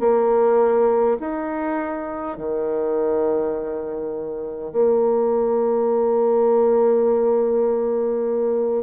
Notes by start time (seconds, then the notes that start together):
0.00 A#3
1.20 D#4
2.37 D#3
4.72 A#3